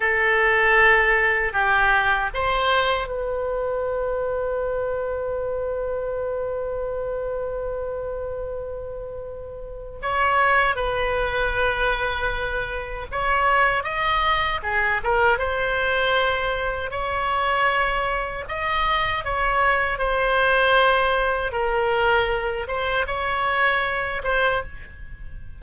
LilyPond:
\new Staff \with { instrumentName = "oboe" } { \time 4/4 \tempo 4 = 78 a'2 g'4 c''4 | b'1~ | b'1~ | b'4 cis''4 b'2~ |
b'4 cis''4 dis''4 gis'8 ais'8 | c''2 cis''2 | dis''4 cis''4 c''2 | ais'4. c''8 cis''4. c''8 | }